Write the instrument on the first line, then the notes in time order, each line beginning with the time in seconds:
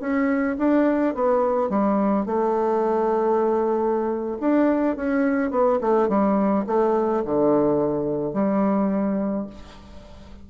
bassoon
0.00 C#4
0.58 D4
1.14 B3
1.69 G3
2.26 A3
4.40 D4
4.96 C#4
5.51 B3
5.81 A3
6.08 G3
6.67 A3
7.25 D3
8.33 G3